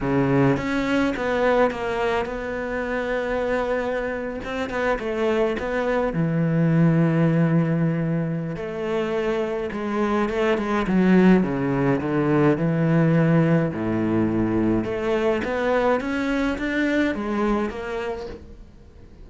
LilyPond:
\new Staff \with { instrumentName = "cello" } { \time 4/4 \tempo 4 = 105 cis4 cis'4 b4 ais4 | b2.~ b8. c'16~ | c'16 b8 a4 b4 e4~ e16~ | e2. a4~ |
a4 gis4 a8 gis8 fis4 | cis4 d4 e2 | a,2 a4 b4 | cis'4 d'4 gis4 ais4 | }